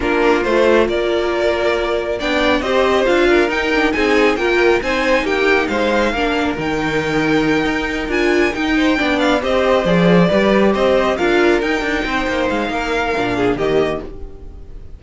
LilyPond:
<<
  \new Staff \with { instrumentName = "violin" } { \time 4/4 \tempo 4 = 137 ais'4 c''4 d''2~ | d''4 g''4 dis''4 f''4 | g''4 gis''4 g''4 gis''4 | g''4 f''2 g''4~ |
g''2~ g''8 gis''4 g''8~ | g''4 f''8 dis''4 d''4.~ | d''8 dis''4 f''4 g''4.~ | g''8 f''2~ f''8 dis''4 | }
  \new Staff \with { instrumentName = "violin" } { \time 4/4 f'2 ais'2~ | ais'4 d''4 c''4. ais'8~ | ais'4 gis'4 ais'4 c''4 | g'4 c''4 ais'2~ |
ais'1 | c''8 d''4 c''2 b'8~ | b'8 c''4 ais'2 c''8~ | c''4 ais'4. gis'8 g'4 | }
  \new Staff \with { instrumentName = "viola" } { \time 4/4 d'4 f'2.~ | f'4 d'4 g'4 f'4 | dis'8 d'8 dis'4 f'4 dis'4~ | dis'2 d'4 dis'4~ |
dis'2~ dis'8 f'4 dis'8~ | dis'8 d'4 g'4 gis'4 g'8~ | g'4. f'4 dis'4.~ | dis'2 d'4 ais4 | }
  \new Staff \with { instrumentName = "cello" } { \time 4/4 ais4 a4 ais2~ | ais4 b4 c'4 d'4 | dis'4 c'4 ais4 c'4 | ais4 gis4 ais4 dis4~ |
dis4. dis'4 d'4 dis'8~ | dis'8 b4 c'4 f4 g8~ | g8 c'4 d'4 dis'8 d'8 c'8 | ais8 gis8 ais4 ais,4 dis4 | }
>>